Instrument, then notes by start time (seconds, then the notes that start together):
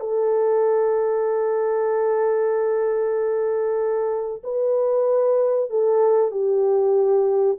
horn
0.00 A4
4.43 B4
5.70 A4
6.31 G4